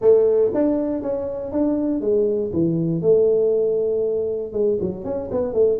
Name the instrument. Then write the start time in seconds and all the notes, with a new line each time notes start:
tuba
0.01 A3
0.54 D4
1.02 C#4
1.51 D4
2.00 G#3
2.53 E3
3.01 A3
4.52 G#3
4.80 F#3
5.04 C#4
5.31 B3
5.53 A3